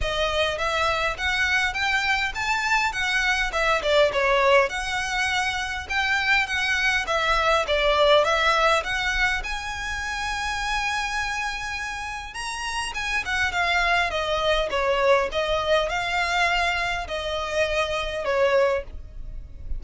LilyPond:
\new Staff \with { instrumentName = "violin" } { \time 4/4 \tempo 4 = 102 dis''4 e''4 fis''4 g''4 | a''4 fis''4 e''8 d''8 cis''4 | fis''2 g''4 fis''4 | e''4 d''4 e''4 fis''4 |
gis''1~ | gis''4 ais''4 gis''8 fis''8 f''4 | dis''4 cis''4 dis''4 f''4~ | f''4 dis''2 cis''4 | }